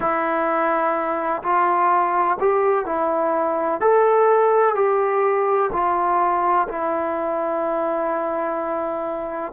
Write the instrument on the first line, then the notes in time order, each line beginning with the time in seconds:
trombone
0.00 E4
1.42 F4
2.39 G4
2.85 E4
3.81 A4
4.74 G4
5.72 F4
6.68 E4